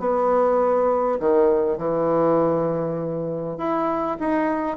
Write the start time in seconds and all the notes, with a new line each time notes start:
0.00 B3
1.20 D#3
1.78 E3
3.58 E4
4.20 D#4